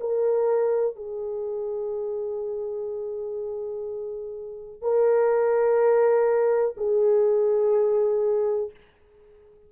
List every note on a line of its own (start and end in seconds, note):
0.00 0.96 A#4
0.96 4.82 G#4
4.82 6.75 A#4
6.77 8.71 G#4